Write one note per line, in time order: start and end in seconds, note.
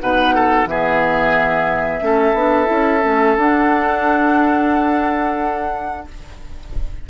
0.00 0.65 B2
0.00 0.66 D#4
0.00 0.35 B4
0.00 0.67 F#5
0.35 0.68 A4
0.65 2.00 E3
0.65 2.00 B3
0.65 2.04 G#4
0.65 3.37 E5
2.00 2.33 A3
2.00 2.34 C#4
2.00 6.09 A4
2.33 2.67 B3
2.33 2.65 D4
2.65 3.04 C#4
2.65 2.99 E4
3.04 3.36 A3
3.04 3.38 C#4
3.36 6.06 D4
3.36 6.08 D4
3.36 6.07 F#5